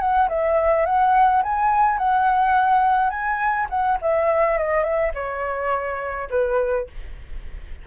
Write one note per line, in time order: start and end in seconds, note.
0.00 0.29 F#5
0.29 0.85 E5
0.85 1.43 F#5
1.43 1.98 G#5
1.98 3.10 F#5
3.10 3.67 G#5
3.69 3.98 F#5
4.02 4.58 E5
4.58 4.83 D#5
4.83 5.12 E5
5.15 6.29 C#5
6.30 6.87 B4